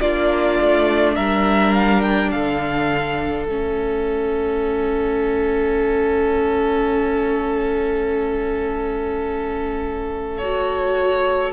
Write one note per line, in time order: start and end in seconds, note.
0.00 0.59 A#3
0.00 3.48 D4
0.00 1.15 F4
0.00 1.15 D5
0.60 1.17 A3
1.15 2.32 G3
1.15 2.30 A#4
1.15 1.73 E5
1.73 2.01 F5
2.01 2.30 G5
2.31 3.46 D3
2.31 11.53 A4
2.31 3.45 F5
3.45 11.53 A3
3.45 10.41 C#4
3.45 10.37 E5
10.37 11.53 F#4
10.37 11.53 C#5